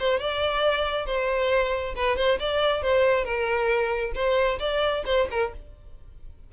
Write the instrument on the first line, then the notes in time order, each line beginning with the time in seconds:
violin
0.00 C5
0.20 D5
1.06 C5
1.96 B4
2.17 C5
2.40 D5
2.83 C5
3.25 A#4
4.15 C5
4.60 D5
5.06 C5
5.31 A#4